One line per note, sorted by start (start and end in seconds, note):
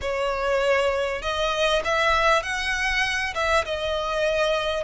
0.01 1.21 C#5
1.21 1.82 D#5
1.84 2.42 E5
2.42 3.33 F#5
3.34 3.64 E5
3.65 4.84 D#5